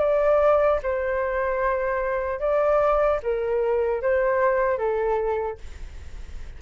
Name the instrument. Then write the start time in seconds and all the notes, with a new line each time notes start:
flute
0.00 D5
0.83 C5
2.40 D5
3.23 A#4
4.02 C5
4.78 A4